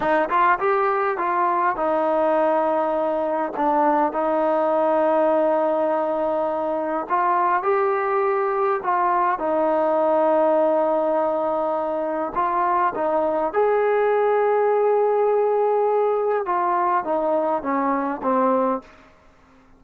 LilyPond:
\new Staff \with { instrumentName = "trombone" } { \time 4/4 \tempo 4 = 102 dis'8 f'8 g'4 f'4 dis'4~ | dis'2 d'4 dis'4~ | dis'1 | f'4 g'2 f'4 |
dis'1~ | dis'4 f'4 dis'4 gis'4~ | gis'1 | f'4 dis'4 cis'4 c'4 | }